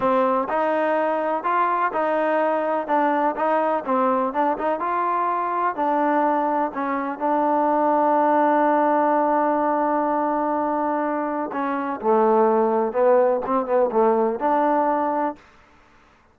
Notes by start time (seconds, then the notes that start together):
0.00 C4
0.48 D#4
1.43 F4
1.92 D#4
2.87 D4
3.36 D#4
3.85 C4
4.33 D4
4.58 D#4
4.79 F4
5.75 D4
6.74 C#4
7.18 D4
11.52 C#4
12.01 A3
12.92 B3
13.46 C4
13.66 B3
13.91 A3
14.39 D4